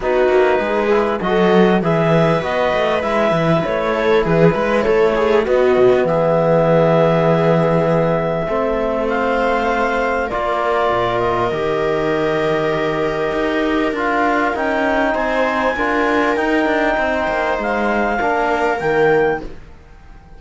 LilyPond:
<<
  \new Staff \with { instrumentName = "clarinet" } { \time 4/4 \tempo 4 = 99 b'2 dis''4 e''4 | dis''4 e''4 cis''4 b'4 | cis''4 dis''4 e''2~ | e''2. f''4~ |
f''4 d''4. dis''4.~ | dis''2. f''4 | g''4 gis''2 g''4~ | g''4 f''2 g''4 | }
  \new Staff \with { instrumentName = "viola" } { \time 4/4 fis'4 gis'4 a'4 b'4~ | b'2~ b'8 a'8 gis'8 b'8 | a'8 gis'8 fis'4 gis'2~ | gis'2 a'4 c''4~ |
c''4 ais'2.~ | ais'1~ | ais'4 c''4 ais'2 | c''2 ais'2 | }
  \new Staff \with { instrumentName = "trombone" } { \time 4/4 dis'4. e'8 fis'4 gis'4 | fis'4 e'2.~ | e'4 b2.~ | b2 c'2~ |
c'4 f'2 g'4~ | g'2. f'4 | dis'2 f'4 dis'4~ | dis'2 d'4 ais4 | }
  \new Staff \with { instrumentName = "cello" } { \time 4/4 b8 ais8 gis4 fis4 e4 | b8 a8 gis8 e8 a4 e8 gis8 | a4 b8 b,16 b16 e2~ | e2 a2~ |
a4 ais4 ais,4 dis4~ | dis2 dis'4 d'4 | cis'4 c'4 d'4 dis'8 d'8 | c'8 ais8 gis4 ais4 dis4 | }
>>